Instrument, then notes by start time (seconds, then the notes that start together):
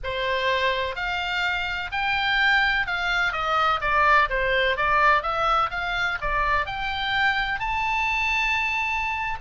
oboe
0.03 C5
0.95 F5
1.91 G5
2.87 F5
3.32 D#5
3.81 D5
4.29 C5
4.77 D5
5.22 E5
5.70 F5
6.21 D5
6.66 G5
7.59 A5